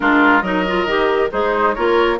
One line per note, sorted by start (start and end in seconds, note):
0.00 0.42 G#3
0.00 0.43 D4
0.00 0.43 F4
0.00 0.41 A#4
0.41 0.85 F#3
0.41 0.66 D#4
0.41 1.30 A#4
0.41 1.29 D#5
0.67 0.88 F4
0.85 1.29 D#3
0.85 1.30 G4
1.30 1.76 G#3
1.30 1.75 D#4
1.30 1.74 G#4
1.30 1.74 C5
1.74 2.19 A#3
1.74 2.19 F4
1.74 2.18 A#4
1.74 2.18 C#5